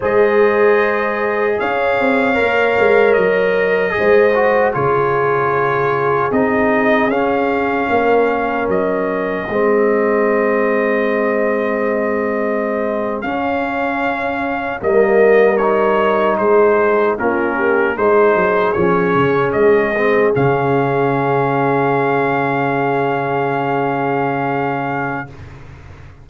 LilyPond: <<
  \new Staff \with { instrumentName = "trumpet" } { \time 4/4 \tempo 4 = 76 dis''2 f''2 | dis''2 cis''2 | dis''4 f''2 dis''4~ | dis''1~ |
dis''8. f''2 dis''4 cis''16~ | cis''8. c''4 ais'4 c''4 cis''16~ | cis''8. dis''4 f''2~ f''16~ | f''1 | }
  \new Staff \with { instrumentName = "horn" } { \time 4/4 c''2 cis''2~ | cis''4 c''4 gis'2~ | gis'2 ais'2 | gis'1~ |
gis'2~ gis'8. ais'4~ ais'16~ | ais'8. gis'4 f'8 g'8 gis'4~ gis'16~ | gis'1~ | gis'1 | }
  \new Staff \with { instrumentName = "trombone" } { \time 4/4 gis'2. ais'4~ | ais'4 gis'8 fis'8 f'2 | dis'4 cis'2. | c'1~ |
c'8. cis'2 ais4 dis'16~ | dis'4.~ dis'16 cis'4 dis'4 cis'16~ | cis'4~ cis'16 c'8 cis'2~ cis'16~ | cis'1 | }
  \new Staff \with { instrumentName = "tuba" } { \time 4/4 gis2 cis'8 c'8 ais8 gis8 | fis4 gis4 cis2 | c'4 cis'4 ais4 fis4 | gis1~ |
gis8. cis'2 g4~ g16~ | g8. gis4 ais4 gis8 fis8 f16~ | f16 cis8 gis4 cis2~ cis16~ | cis1 | }
>>